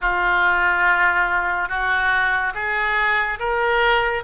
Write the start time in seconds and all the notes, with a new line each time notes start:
0.01 F4
1.69 F#4
2.54 G#4
3.39 A#4